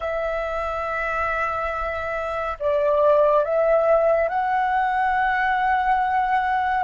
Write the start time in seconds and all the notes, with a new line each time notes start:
0.00 E5
2.59 D5
3.44 E5
4.29 F#5